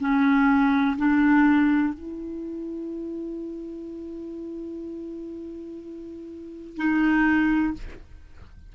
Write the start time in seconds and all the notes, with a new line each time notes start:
0.00 C#4
0.97 D4
1.94 E4
6.77 D#4